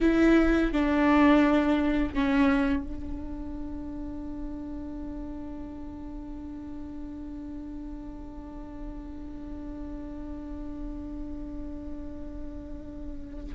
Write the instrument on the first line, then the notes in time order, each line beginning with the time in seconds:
viola
0.00 E4
0.72 D4
2.14 C#4
2.83 D4